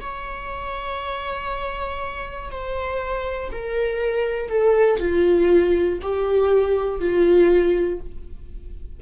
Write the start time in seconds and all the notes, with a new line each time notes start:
0.00 C#5
2.50 C5
3.51 A#4
4.49 A4
4.99 F4
6.01 G4
7.00 F4